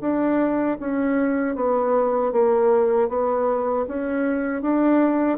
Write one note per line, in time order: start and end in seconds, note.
0.00 0.77 D4
0.79 1.55 C#4
1.55 2.31 B3
2.31 3.08 A#3
3.08 3.85 B3
3.87 4.62 C#4
4.62 5.38 D4